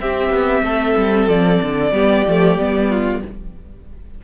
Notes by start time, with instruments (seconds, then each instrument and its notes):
0.00 viola C4, cello C4, violin G4 E5
0.30 cello B3
0.62 cello A3, violin A4
0.96 cello G3
1.28 cello F3, violin D5
1.61 cello D3
1.91 cello G3, viola B3, violin G4
2.27 cello F3, viola A3
2.57 cello G3, viola B3
2.89 violin F4